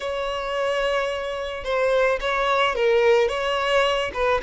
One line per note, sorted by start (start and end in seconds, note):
0.00 1.64 C#5
1.64 2.19 C5
2.20 2.75 C#5
2.75 3.28 A#4
3.28 4.11 C#5
4.13 4.41 B4